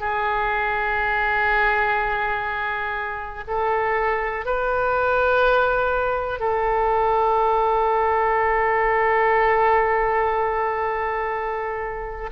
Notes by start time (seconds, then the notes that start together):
0.00 G#4
3.47 A4
4.45 B4
6.39 A4